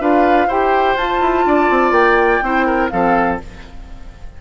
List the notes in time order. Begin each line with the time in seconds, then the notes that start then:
0.00 D4 F4 B4 F5
0.47 E4 G4 C5 G5
0.95 F4 A5
1.20 E4
1.45 D4 D5
1.70 C4
1.91 A#3 G5
2.42 C4 E4 C5
2.66 A#4
2.89 F3 C4 A4 F5